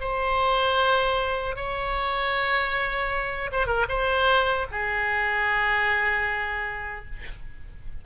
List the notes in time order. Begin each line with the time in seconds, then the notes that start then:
0.00 C5
1.55 C#5
3.51 C5
3.66 A#4
3.89 C5
4.71 G#4